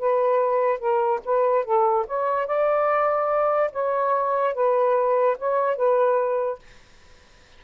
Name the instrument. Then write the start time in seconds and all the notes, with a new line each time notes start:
saxophone
0.00 B4
0.80 A#4
1.26 B4
1.65 A4
2.07 C#5
2.47 D5
3.73 C#5
4.55 B4
5.38 C#5
5.77 B4